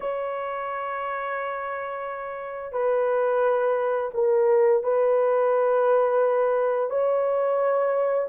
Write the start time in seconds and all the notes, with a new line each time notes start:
0.00 C#5
2.72 B4
4.14 A#4
4.83 B4
6.90 C#5